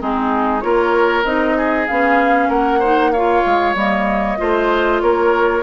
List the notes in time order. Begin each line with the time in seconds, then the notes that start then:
0.00 G#3 C4 D#4 G#4
0.61 A#3 F4 A#4 C#5
1.24 C4 D#4 D#5
1.57 G#4
1.88 B3 C#4 F5
2.49 A#3 A#4 F#5
2.79 D#4 C5
3.12 F4 C#5 F5
3.46 G#3
3.75 G3 A#3 D#5
4.38 A3 F4 C5
5.01 A#3 A#4 C#5